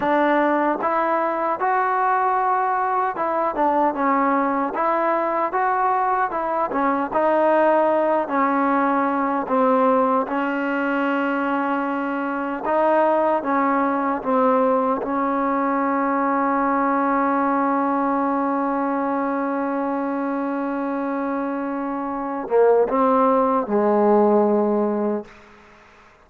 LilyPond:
\new Staff \with { instrumentName = "trombone" } { \time 4/4 \tempo 4 = 76 d'4 e'4 fis'2 | e'8 d'8 cis'4 e'4 fis'4 | e'8 cis'8 dis'4. cis'4. | c'4 cis'2. |
dis'4 cis'4 c'4 cis'4~ | cis'1~ | cis'1~ | cis'8 ais8 c'4 gis2 | }